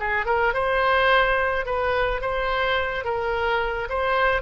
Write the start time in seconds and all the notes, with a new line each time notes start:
0.00 G#4
0.26 A#4
0.54 C5
1.66 B4
2.21 C5
3.04 A#4
3.89 C5